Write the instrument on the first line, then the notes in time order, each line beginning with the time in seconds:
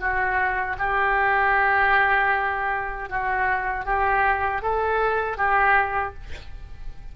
oboe
0.00 F#4
0.79 G4
3.10 F#4
3.86 G4
4.63 A4
5.38 G4